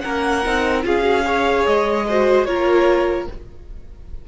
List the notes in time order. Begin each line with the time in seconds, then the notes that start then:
0.00 A#3 C#4 A#4 F#5
0.45 C4 D#4
0.82 C#4 F4 G#4 F5
1.02 F#4
1.24 G#4 C#5
1.66 G#3 D#5
2.07 F#4 C5
2.45 A#3 F4 A#4 C#5